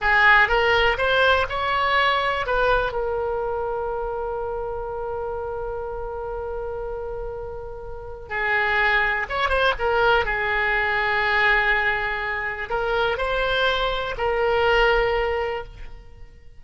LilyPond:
\new Staff \with { instrumentName = "oboe" } { \time 4/4 \tempo 4 = 123 gis'4 ais'4 c''4 cis''4~ | cis''4 b'4 ais'2~ | ais'1~ | ais'1~ |
ais'4 gis'2 cis''8 c''8 | ais'4 gis'2.~ | gis'2 ais'4 c''4~ | c''4 ais'2. | }